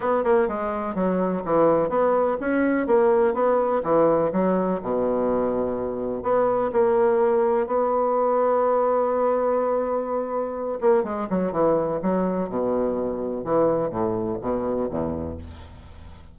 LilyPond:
\new Staff \with { instrumentName = "bassoon" } { \time 4/4 \tempo 4 = 125 b8 ais8 gis4 fis4 e4 | b4 cis'4 ais4 b4 | e4 fis4 b,2~ | b,4 b4 ais2 |
b1~ | b2~ b8 ais8 gis8 fis8 | e4 fis4 b,2 | e4 a,4 b,4 e,4 | }